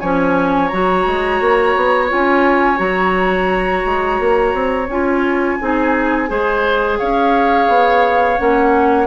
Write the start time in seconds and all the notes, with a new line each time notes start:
0.00 F3 C#4 C#5 G#5
0.68 F#3 F#4 A#5
1.06 G#3
1.40 A#3
1.76 B3
2.08 C#4 F4 G#5
2.76 F#3 F#4 A#5
3.85 G#3
4.19 A#3
4.53 C4
4.88 C#4 F4 G#5
5.60 C4 D#4 G#4
6.27 G#3 G#4 C5
6.98 C#4 C#5 F5
7.68 B3
8.38 A#3 C#4 F#5